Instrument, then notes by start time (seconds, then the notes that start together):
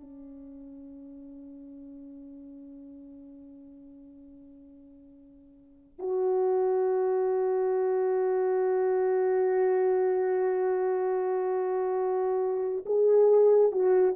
horn
0.00 C#4
5.99 F#4
12.86 G#4
13.71 F#4